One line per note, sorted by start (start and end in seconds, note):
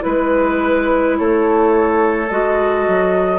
0.00 2.26 E4
0.00 1.17 B4
0.00 1.18 B4
0.07 1.20 G#3
1.18 2.31 A3
1.18 3.40 A4
1.18 2.30 C#5
2.30 2.87 G#3
2.30 3.40 F#4
2.30 3.40 D#5
2.88 3.40 F#3